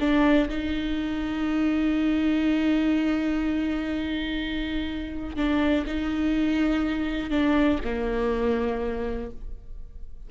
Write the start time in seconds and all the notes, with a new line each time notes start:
0.00 D4
0.49 D#4
5.36 D4
5.87 D#4
7.30 D4
7.84 A#3